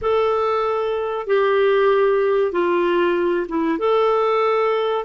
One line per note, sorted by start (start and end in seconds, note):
0.01 1.27 A4
1.27 2.52 G4
2.52 3.47 F4
3.48 3.78 E4
3.78 5.04 A4